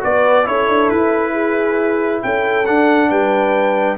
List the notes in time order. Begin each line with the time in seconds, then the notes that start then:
0.00 B3 F#4 B4 D5
0.44 C#4 E4 A4 C#5
0.69 D4
0.89 E4 B4
1.32 G#4
2.23 C#4 A4 G5
2.66 D4 F#5
3.09 G3 B4 G5